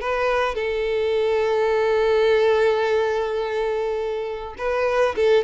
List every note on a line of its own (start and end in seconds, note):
0.00 0.55 B4
0.55 4.55 A4
4.58 5.15 B4
5.16 5.44 A4